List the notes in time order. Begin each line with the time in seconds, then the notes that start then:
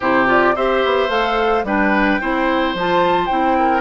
0.00 C3 E4 G4 C5
0.26 F4 D5
0.55 C4 G4 C5 E5
0.85 B3
1.08 A3 A4 F5
1.63 G3 D4 B4 G5
2.20 C4 E4 C5
2.74 F3 F4 A5
3.25 C4 E4 G5
3.59 A#4